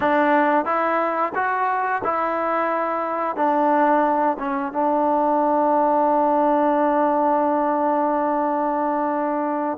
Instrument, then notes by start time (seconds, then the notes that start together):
trombone
0.00 D4
0.65 E4
1.34 F#4
2.04 E4
3.36 D4
4.38 C#4
4.72 D4